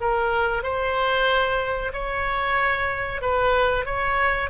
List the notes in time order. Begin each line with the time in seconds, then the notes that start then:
0.00 A#4
0.63 C5
1.93 C#5
3.21 B4
3.85 C#5